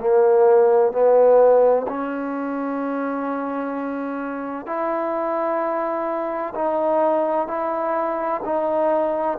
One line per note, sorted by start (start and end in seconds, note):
0.00 0.92 A#3
0.92 1.86 B3
1.88 4.66 C#4
4.66 6.54 E4
6.55 7.47 D#4
7.47 8.41 E4
8.45 9.38 D#4